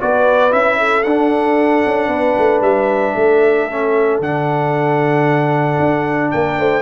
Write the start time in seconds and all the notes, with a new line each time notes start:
0.00 B3 F#4 B4 D5
0.51 C#4 E4 E5
0.78 A4
1.03 D4 F#5
1.86 C#4
2.08 B3 B4
2.38 A3
2.61 G3 E5
3.15 A3 A4
3.70 C#4
4.20 D3 D4 F#5
5.79 D4
6.31 A#3 A#4 G5
6.59 A3 C5